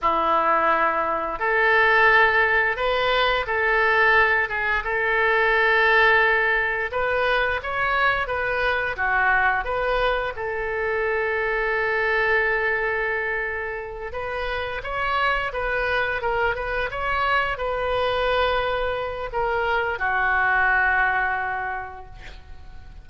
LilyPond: \new Staff \with { instrumentName = "oboe" } { \time 4/4 \tempo 4 = 87 e'2 a'2 | b'4 a'4. gis'8 a'4~ | a'2 b'4 cis''4 | b'4 fis'4 b'4 a'4~ |
a'1~ | a'8 b'4 cis''4 b'4 ais'8 | b'8 cis''4 b'2~ b'8 | ais'4 fis'2. | }